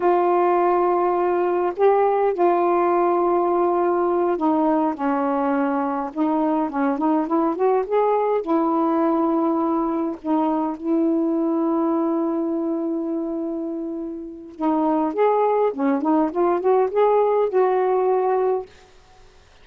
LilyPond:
\new Staff \with { instrumentName = "saxophone" } { \time 4/4 \tempo 4 = 103 f'2. g'4 | f'2.~ f'8 dis'8~ | dis'8 cis'2 dis'4 cis'8 | dis'8 e'8 fis'8 gis'4 e'4.~ |
e'4. dis'4 e'4.~ | e'1~ | e'4 dis'4 gis'4 cis'8 dis'8 | f'8 fis'8 gis'4 fis'2 | }